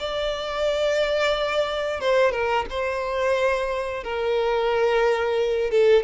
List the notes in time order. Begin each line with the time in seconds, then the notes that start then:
0.00 D5
2.01 C5
2.32 A#4
2.70 C5
4.04 A#4
5.71 A4